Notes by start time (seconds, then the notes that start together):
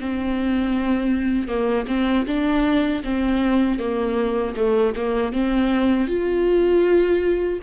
0.00 C4
1.48 A#3
1.88 C4
2.28 D4
3.04 C4
3.79 A#3
4.56 A3
4.96 A#3
5.33 C4
6.08 F4